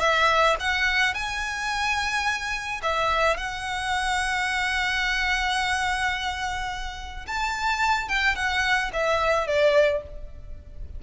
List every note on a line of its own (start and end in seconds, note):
0.00 0.56 E5
0.59 1.14 F#5
1.14 2.81 G#5
2.82 3.37 E5
3.37 7.26 F#5
7.27 8.08 A5
8.08 8.35 G5
8.35 8.90 F#5
8.93 9.46 E5
9.46 10.02 D5